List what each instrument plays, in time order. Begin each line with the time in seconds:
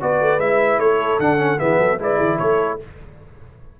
0.00 tuba B3, trombone F#4, horn B4, trumpet D5
0.20 tuba A3
0.38 tuba G#3, trombone E4, trumpet E5
0.78 tuba A3, horn A4, trumpet C#5
1.19 tuba D3, trombone D4, trumpet F#5
1.37 trombone C#4
1.58 tuba E3, trombone B3, horn G#4, trumpet E5
1.78 tuba F#3, horn A4
1.98 tuba G#3, trombone E4, horn B4, trumpet D5
2.17 tuba E3, horn G#4
2.38 tuba A3, horn A4, trumpet C#5